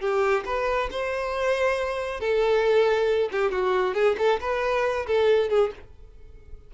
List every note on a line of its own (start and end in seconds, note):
0.00 0.44 G4
0.45 0.89 B4
0.91 2.20 C5
2.20 3.29 A4
3.31 3.51 G4
3.51 3.94 F#4
3.94 4.16 G#4
4.18 4.40 A4
4.40 5.06 B4
5.06 5.49 A4
5.49 5.71 G#4